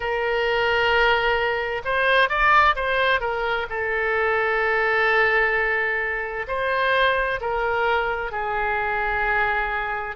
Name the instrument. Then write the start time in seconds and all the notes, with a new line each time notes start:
oboe
0.00 A#4
1.85 C5
2.29 D5
2.75 C5
3.20 A#4
3.69 A4
6.47 C5
7.41 A#4
8.31 G#4